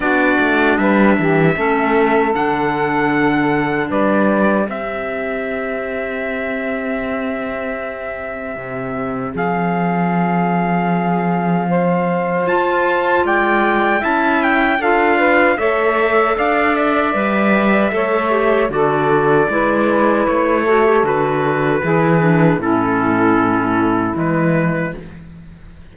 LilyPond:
<<
  \new Staff \with { instrumentName = "trumpet" } { \time 4/4 \tempo 4 = 77 d''4 e''2 fis''4~ | fis''4 d''4 e''2~ | e''1 | f''1 |
a''4 g''4 a''8 g''8 f''4 | e''4 f''8 e''2~ e''8 | d''2 cis''4 b'4~ | b'4 a'2 b'4 | }
  \new Staff \with { instrumentName = "saxophone" } { \time 4/4 fis'4 b'8 g'8 a'2~ | a'4 b'4 g'2~ | g'1 | gis'2. c''4~ |
c''4 d''4 e''4 a'8 b'8 | cis''4 d''2 cis''4 | a'4 b'4. a'4. | gis'4 e'2. | }
  \new Staff \with { instrumentName = "clarinet" } { \time 4/4 d'2 cis'4 d'4~ | d'2 c'2~ | c'1~ | c'1 |
f'2 e'4 f'4 | a'2 b'4 a'8 g'8 | fis'4 e'4. fis'16 g'16 fis'4 | e'8 d'8 cis'2 gis4 | }
  \new Staff \with { instrumentName = "cello" } { \time 4/4 b8 a8 g8 e8 a4 d4~ | d4 g4 c'2~ | c'2. c4 | f1 |
f'4 gis4 cis'4 d'4 | a4 d'4 g4 a4 | d4 gis4 a4 d4 | e4 a,2 e4 | }
>>